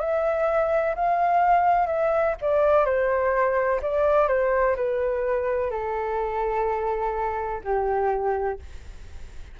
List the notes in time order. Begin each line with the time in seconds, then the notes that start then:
0.00 E5
0.96 F5
1.87 E5
2.42 D5
2.85 C5
3.82 D5
4.28 C5
4.77 B4
5.71 A4
7.65 G4